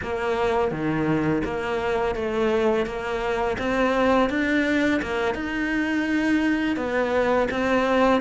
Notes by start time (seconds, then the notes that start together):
0.02 A#3
0.71 D#3
1.44 A#3
2.15 A3
2.86 A#3
3.58 C4
4.29 D4
5.02 A#3
5.34 D#4
6.76 B3
7.50 C4